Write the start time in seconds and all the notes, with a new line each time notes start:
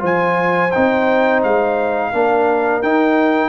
0.00 F3 F4 C5 G#5
0.72 C4 D#4 G5
1.44 G#3 F5
2.13 A#3 D4 A#4
2.83 D#4 G5